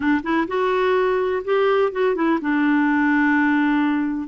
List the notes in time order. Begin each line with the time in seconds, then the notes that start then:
0.00 D4
0.23 E4
0.47 F#4
1.44 G4
1.92 F#4
2.15 E4
2.41 D4